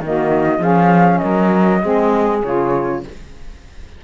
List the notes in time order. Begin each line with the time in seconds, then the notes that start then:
0.00 D#3 A#3 F#4 D#5
0.59 F3 C#4 G#4 F5
1.18 A#4 D#5
1.24 F#3
1.81 G#3 C4 G#4
2.43 C#3 F4 C#5